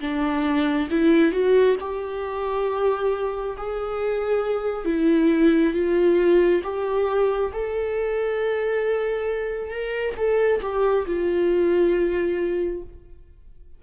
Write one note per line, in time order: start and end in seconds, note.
0.00 0.88 D4
0.90 1.31 E4
1.31 1.75 F#4
1.80 3.56 G4
3.57 4.84 G#4
4.84 5.73 E4
5.73 6.61 F4
6.63 7.51 G4
7.52 9.70 A4
9.70 10.14 A#4
10.17 10.61 A4
10.62 11.06 G4
11.06 12.82 F4